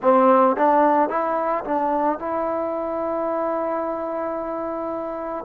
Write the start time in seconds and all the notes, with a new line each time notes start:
0.01 C4
0.56 D4
1.09 E4
1.64 D4
2.18 E4